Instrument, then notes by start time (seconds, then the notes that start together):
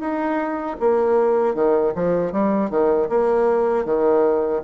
bassoon
0.00 D#4
0.80 A#3
1.55 D#3
1.95 F3
2.33 G3
2.70 D#3
3.09 A#3
3.85 D#3